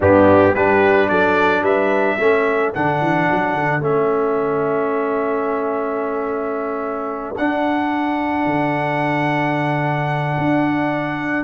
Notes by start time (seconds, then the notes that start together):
0.00 G2 B3 D4 G4
0.53 G3 D4 G4 B4
1.09 F#3 A4 D5
1.62 G3 B4 E5
2.17 A3 C#4 A4
2.74 D3 D4 F#5
3.01 E3
3.31 F#3
3.53 D3
3.80 A3 C#4 E5
7.37 D4 F#5
8.45 D3
10.38 D4